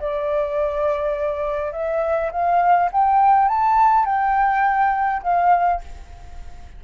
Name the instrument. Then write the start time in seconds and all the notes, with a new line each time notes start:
flute
0.00 D5
1.72 E5
2.32 F5
2.92 G5
3.48 A5
4.06 G5
5.23 F5